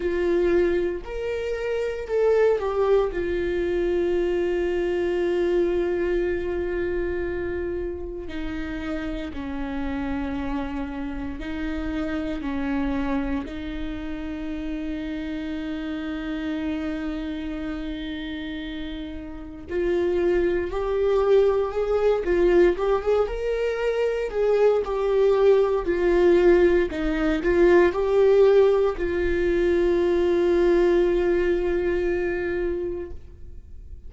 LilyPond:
\new Staff \with { instrumentName = "viola" } { \time 4/4 \tempo 4 = 58 f'4 ais'4 a'8 g'8 f'4~ | f'1 | dis'4 cis'2 dis'4 | cis'4 dis'2.~ |
dis'2. f'4 | g'4 gis'8 f'8 g'16 gis'16 ais'4 gis'8 | g'4 f'4 dis'8 f'8 g'4 | f'1 | }